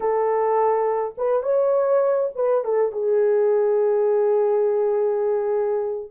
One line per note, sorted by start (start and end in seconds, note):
0.00 1.15 A4
1.17 1.42 B4
1.42 2.30 C#5
2.35 2.64 B4
2.64 2.92 A4
2.92 6.11 G#4